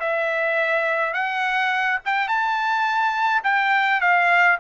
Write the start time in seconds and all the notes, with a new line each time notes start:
0.00 E5
1.14 F#5
2.05 G5
2.28 A5
3.44 G5
4.01 F5